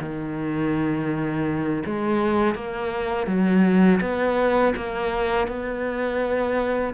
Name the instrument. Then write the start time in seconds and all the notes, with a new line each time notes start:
cello
0.00 D#3
1.85 G#3
2.54 A#3
3.27 F#3
4.00 B3
4.76 A#3
5.47 B3